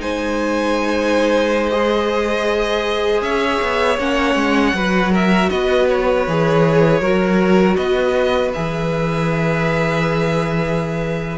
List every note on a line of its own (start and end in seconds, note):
0.00 3.21 G#3
0.00 1.71 D#4
0.00 3.24 C5
0.00 1.70 G#5
1.70 3.99 G#4
1.70 3.22 D#5
3.21 3.59 C#4
3.21 4.76 C#5
3.21 3.99 E5
3.62 3.99 B3
3.99 4.35 A#3
3.99 4.75 C#4
3.99 5.13 F#5
4.35 4.73 G#3
4.73 5.49 F#3
4.73 6.27 F#4
4.73 5.12 B4
5.12 5.50 A#4
5.12 5.50 E5
5.50 6.27 B3
5.50 7.01 B4
5.50 5.88 D#5
5.88 7.76 C#5
6.27 7.01 E3
6.27 7.02 G#4
7.01 7.77 F#3
7.01 8.53 F#4
7.01 7.77 A#4
7.76 8.54 B3
7.76 11.38 B4
7.76 8.52 D#5
8.53 11.38 E3
8.53 11.38 G#4
8.53 11.38 E5